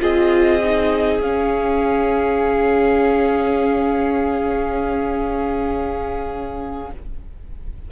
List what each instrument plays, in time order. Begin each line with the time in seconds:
0.00 cello C4, viola F4, violin G#4 D#5
0.64 viola D#4
1.21 viola C#4, cello C#4, violin F5